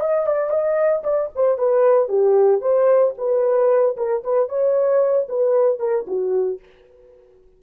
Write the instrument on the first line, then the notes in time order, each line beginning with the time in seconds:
horn
0.00 D#5
0.26 D5
0.50 D#5
1.04 D5
1.35 C5
1.58 B4
2.08 G4
2.61 C5
3.17 B4
3.97 A#4
4.23 B4
4.49 C#5
5.29 B4
5.79 A#4
6.07 F#4